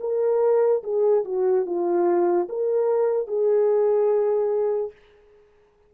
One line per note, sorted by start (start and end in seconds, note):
0.00 0.82 A#4
0.83 1.24 G#4
1.24 1.65 F#4
1.65 2.47 F4
2.49 3.27 A#4
3.27 4.91 G#4